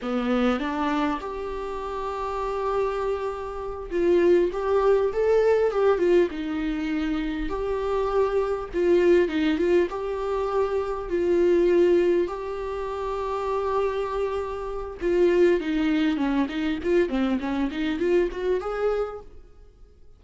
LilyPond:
\new Staff \with { instrumentName = "viola" } { \time 4/4 \tempo 4 = 100 b4 d'4 g'2~ | g'2~ g'8 f'4 g'8~ | g'8 a'4 g'8 f'8 dis'4.~ | dis'8 g'2 f'4 dis'8 |
f'8 g'2 f'4.~ | f'8 g'2.~ g'8~ | g'4 f'4 dis'4 cis'8 dis'8 | f'8 c'8 cis'8 dis'8 f'8 fis'8 gis'4 | }